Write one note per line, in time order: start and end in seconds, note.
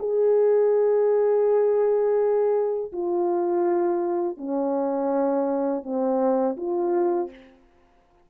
0.00 2.93 G#4
2.93 4.38 F4
4.38 5.84 C#4
5.84 6.57 C4
6.58 7.31 F4